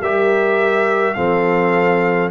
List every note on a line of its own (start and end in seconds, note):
0.00 1.15 G3
0.00 1.15 G4
0.00 1.16 A#4
0.00 1.14 E5
1.14 2.30 F3
1.14 2.30 C4
1.14 2.30 A4
1.14 2.29 F5